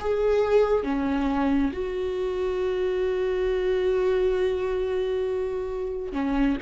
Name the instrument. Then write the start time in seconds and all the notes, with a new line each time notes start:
viola
0.00 G#4
0.83 C#4
1.73 F#4
6.12 C#4